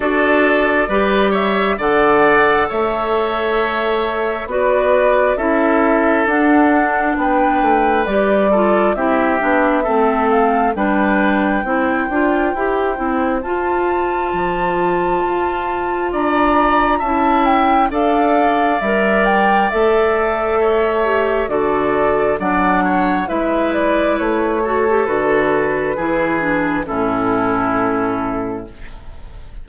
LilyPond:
<<
  \new Staff \with { instrumentName = "flute" } { \time 4/4 \tempo 4 = 67 d''4. e''8 fis''4 e''4~ | e''4 d''4 e''4 fis''4 | g''4 d''4 e''4. f''8 | g''2. a''4~ |
a''2 ais''4 a''8 g''8 | f''4 e''8 g''8 e''2 | d''4 fis''4 e''8 d''8 cis''4 | b'2 a'2 | }
  \new Staff \with { instrumentName = "oboe" } { \time 4/4 a'4 b'8 cis''8 d''4 cis''4~ | cis''4 b'4 a'2 | b'4. a'8 g'4 a'4 | b'4 c''2.~ |
c''2 d''4 e''4 | d''2. cis''4 | a'4 d''8 cis''8 b'4. a'8~ | a'4 gis'4 e'2 | }
  \new Staff \with { instrumentName = "clarinet" } { \time 4/4 fis'4 g'4 a'2~ | a'4 fis'4 e'4 d'4~ | d'4 g'8 f'8 e'8 d'8 c'4 | d'4 e'8 f'8 g'8 e'8 f'4~ |
f'2. e'4 | a'4 ais'4 a'4. g'8 | fis'4 d'4 e'4. fis'16 g'16 | fis'4 e'8 d'8 cis'2 | }
  \new Staff \with { instrumentName = "bassoon" } { \time 4/4 d'4 g4 d4 a4~ | a4 b4 cis'4 d'4 | b8 a8 g4 c'8 b8 a4 | g4 c'8 d'8 e'8 c'8 f'4 |
f4 f'4 d'4 cis'4 | d'4 g4 a2 | d4 fis4 gis4 a4 | d4 e4 a,2 | }
>>